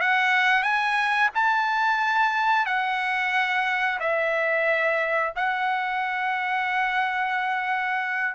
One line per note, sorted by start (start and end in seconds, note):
0.00 0.62 F#5
0.62 1.29 G#5
1.34 2.65 A5
2.65 3.98 F#5
3.99 5.33 E5
5.35 8.35 F#5